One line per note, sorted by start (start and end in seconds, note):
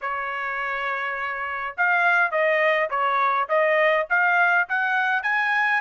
0.01 1.76 C#5
1.77 2.31 F5
2.31 2.89 D#5
2.90 3.48 C#5
3.48 4.07 D#5
4.09 4.68 F5
4.68 5.22 F#5
5.22 5.81 G#5